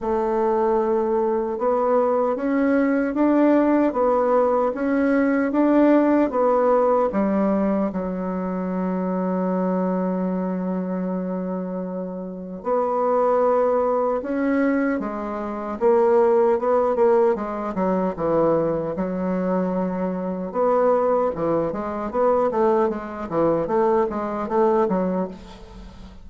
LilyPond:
\new Staff \with { instrumentName = "bassoon" } { \time 4/4 \tempo 4 = 76 a2 b4 cis'4 | d'4 b4 cis'4 d'4 | b4 g4 fis2~ | fis1 |
b2 cis'4 gis4 | ais4 b8 ais8 gis8 fis8 e4 | fis2 b4 e8 gis8 | b8 a8 gis8 e8 a8 gis8 a8 fis8 | }